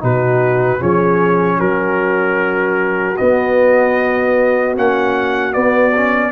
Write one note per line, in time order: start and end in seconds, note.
0.00 0.82 B2
0.00 0.79 D#4
0.00 0.81 F#4
0.00 0.82 B4
0.79 1.60 F3
0.79 3.16 C#4
0.79 1.57 G#4
0.79 1.60 C#5
1.57 3.18 F#3
1.57 6.30 F#4
1.57 3.17 A#4
3.17 4.76 B3
3.17 4.78 B3
3.17 4.75 D#5
4.76 5.56 A#3
4.76 5.52 C#4
4.76 5.53 F#5
5.52 5.92 B3
5.52 6.32 B3
5.52 6.32 D5
5.96 6.32 C#4